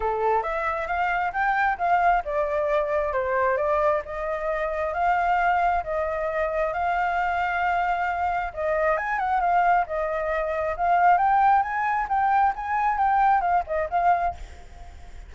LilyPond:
\new Staff \with { instrumentName = "flute" } { \time 4/4 \tempo 4 = 134 a'4 e''4 f''4 g''4 | f''4 d''2 c''4 | d''4 dis''2 f''4~ | f''4 dis''2 f''4~ |
f''2. dis''4 | gis''8 fis''8 f''4 dis''2 | f''4 g''4 gis''4 g''4 | gis''4 g''4 f''8 dis''8 f''4 | }